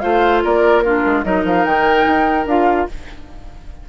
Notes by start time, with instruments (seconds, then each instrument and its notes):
0.00 bassoon A3, clarinet F4, oboe C5, flute F5
0.44 bassoon A#3, oboe A#4, flute D5
0.81 clarinet D4, oboe F4, flute A#4
1.06 bassoon G#3
1.24 bassoon F#3, clarinet D#4, oboe A#4, flute D#5
1.44 bassoon F3, flute F5
1.65 bassoon D#3, flute G5
2.07 bassoon D#4
2.46 bassoon D4, clarinet F4, flute F5